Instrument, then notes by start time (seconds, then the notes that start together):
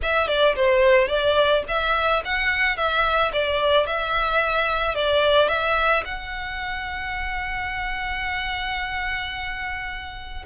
violin
0.02 E5
0.27 D5
0.55 C5
1.08 D5
1.68 E5
2.24 F#5
2.76 E5
3.33 D5
3.86 E5
4.94 D5
5.48 E5
6.04 F#5